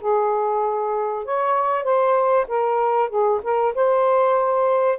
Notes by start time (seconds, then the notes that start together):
0.00 G#4
1.25 C#5
1.84 C5
2.47 A#4
3.09 G#4
3.43 A#4
3.74 C5